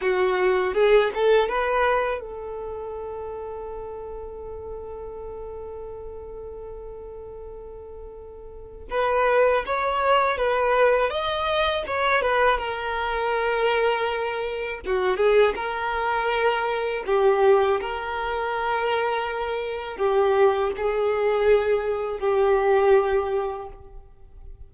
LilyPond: \new Staff \with { instrumentName = "violin" } { \time 4/4 \tempo 4 = 81 fis'4 gis'8 a'8 b'4 a'4~ | a'1~ | a'1 | b'4 cis''4 b'4 dis''4 |
cis''8 b'8 ais'2. | fis'8 gis'8 ais'2 g'4 | ais'2. g'4 | gis'2 g'2 | }